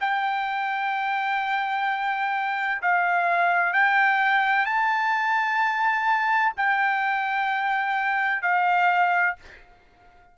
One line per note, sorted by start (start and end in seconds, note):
0.00 2.81 G5
2.82 3.73 F5
3.73 4.65 G5
4.65 6.53 A5
6.57 8.42 G5
8.42 9.36 F5